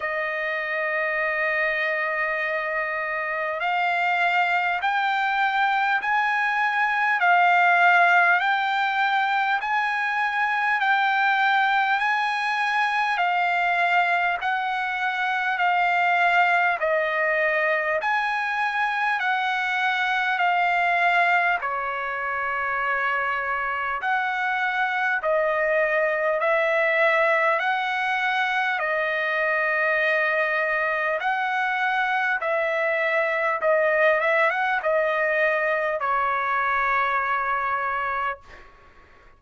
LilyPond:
\new Staff \with { instrumentName = "trumpet" } { \time 4/4 \tempo 4 = 50 dis''2. f''4 | g''4 gis''4 f''4 g''4 | gis''4 g''4 gis''4 f''4 | fis''4 f''4 dis''4 gis''4 |
fis''4 f''4 cis''2 | fis''4 dis''4 e''4 fis''4 | dis''2 fis''4 e''4 | dis''8 e''16 fis''16 dis''4 cis''2 | }